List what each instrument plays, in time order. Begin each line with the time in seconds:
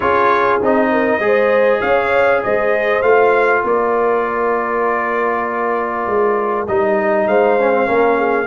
0.00 tuba C#4, trombone F4, horn G#4, trumpet C#5
0.62 tuba C4, trombone D#4, trumpet D#5
0.91 horn A#4
1.19 tuba G#3, trombone G#4
1.25 horn C5
1.80 tuba C#4, horn C#5, trumpet F5
2.43 tuba G#3, horn C5, trumpet D#5
3.02 tuba A3, trombone F4, trumpet F5
3.64 tuba A#3, horn A#4, trumpet D5
6.06 tuba G#3
6.67 tuba G3, trombone D#4, trumpet D#5
7.27 tuba G#3, horn C5, trumpet F5
7.59 trombone C#4
7.72 trombone C4
7.85 tuba A#3, trombone C#4, horn A#4
8.17 horn G#4